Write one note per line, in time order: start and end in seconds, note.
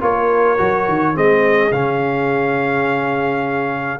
0.00 0.58 A#3
0.00 0.57 F4
0.00 1.15 A#4
0.00 1.16 C#5
0.57 0.88 F#3
0.57 1.14 F#4
0.88 1.16 D#3
1.14 1.71 G#3
1.14 1.71 C4
1.14 3.99 G#4
1.14 1.72 D#5
1.71 3.99 C#3
1.71 3.99 C#4
1.71 3.99 F5